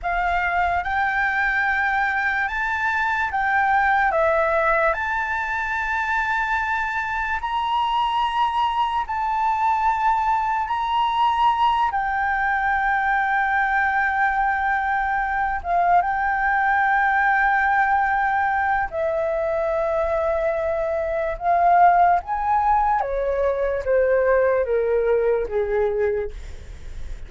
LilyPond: \new Staff \with { instrumentName = "flute" } { \time 4/4 \tempo 4 = 73 f''4 g''2 a''4 | g''4 e''4 a''2~ | a''4 ais''2 a''4~ | a''4 ais''4. g''4.~ |
g''2. f''8 g''8~ | g''2. e''4~ | e''2 f''4 gis''4 | cis''4 c''4 ais'4 gis'4 | }